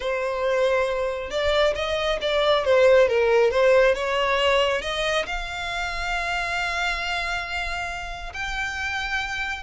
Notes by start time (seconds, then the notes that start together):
0.00 C5
1.30 D5
1.75 D#5
2.21 D5
2.64 C5
3.08 A#4
3.50 C5
3.94 C#5
4.81 D#5
5.26 F5
8.33 G5